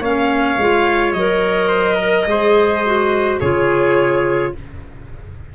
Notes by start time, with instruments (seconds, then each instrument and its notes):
0.00 tuba A#3, clarinet C#4, trumpet C#5, violin F5
0.58 tuba G#3, clarinet F4
1.13 tuba F#3, clarinet A#4, violin D#5
1.69 trumpet C5
1.96 trumpet A#4
2.27 tuba G#3, clarinet G#4, trumpet C5
2.86 clarinet F#4
3.40 tuba C#3, clarinet F4, trumpet G#4, violin C#5